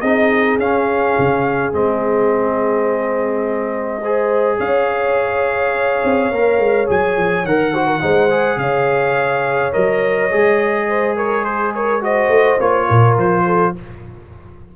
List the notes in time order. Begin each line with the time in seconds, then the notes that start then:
0.00 C4 D#4 G#4 D#5
0.58 C#4 F5
1.18 C#3
1.72 G#3 C4 D#5
4.01 G#4 C5
4.57 C#4 C#5 F5
6.04 C4
6.31 A#3 A#4
6.58 G#3
6.86 F#3 G#4 G#5
7.16 F3
7.44 D#3 A#4 F#5
7.72 F#4 C5
7.86 A#4
8.00 G#3 D#4 C5
8.30 G#4
8.56 C#3 C#5 F5
9.72 F#3 A#4 D#5
10.30 G#3 G#4
10.88 C5
11.16 A#4 C#5
11.44 G#4 C5
11.74 A#4 C#5
12.01 F#4 C5 D#5
12.28 A3
12.60 A#3 F4 C#5
12.87 A#2 A#4
13.17 F3 C5
13.45 A4